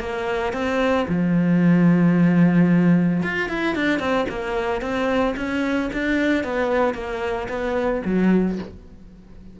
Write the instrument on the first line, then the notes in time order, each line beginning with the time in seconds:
cello
0.00 A#3
0.53 C4
1.09 F3
3.23 F4
3.49 E4
3.75 D4
3.99 C4
4.29 A#3
4.81 C4
5.37 C#4
5.93 D4
6.44 B3
6.94 A#3
7.49 B3
8.05 F#3